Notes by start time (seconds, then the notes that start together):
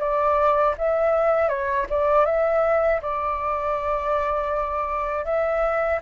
0.00 D5
0.78 E5
1.49 C#5
1.90 D5
2.26 E5
3.02 D5
5.25 E5